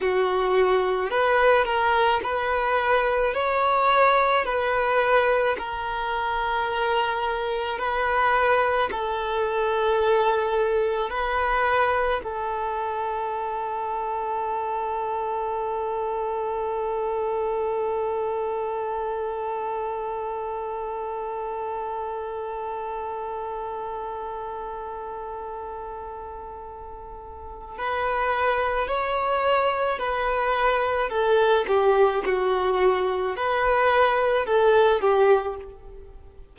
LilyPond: \new Staff \with { instrumentName = "violin" } { \time 4/4 \tempo 4 = 54 fis'4 b'8 ais'8 b'4 cis''4 | b'4 ais'2 b'4 | a'2 b'4 a'4~ | a'1~ |
a'1~ | a'1~ | a'4 b'4 cis''4 b'4 | a'8 g'8 fis'4 b'4 a'8 g'8 | }